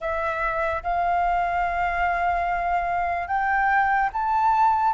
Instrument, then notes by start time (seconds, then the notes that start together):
flute
0.00 E5
0.83 F5
3.27 G5
4.12 A5